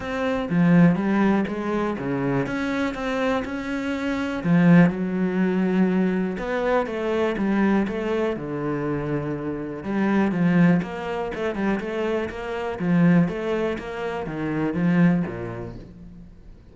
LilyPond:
\new Staff \with { instrumentName = "cello" } { \time 4/4 \tempo 4 = 122 c'4 f4 g4 gis4 | cis4 cis'4 c'4 cis'4~ | cis'4 f4 fis2~ | fis4 b4 a4 g4 |
a4 d2. | g4 f4 ais4 a8 g8 | a4 ais4 f4 a4 | ais4 dis4 f4 ais,4 | }